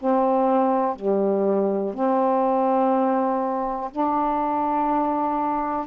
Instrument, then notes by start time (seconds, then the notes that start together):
saxophone
0.00 C4
0.96 G3
1.94 C4
3.92 D4